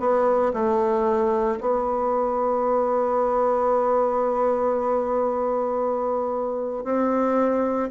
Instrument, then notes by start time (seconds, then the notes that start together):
bassoon
0.00 B3
0.54 A3
1.61 B3
6.85 C4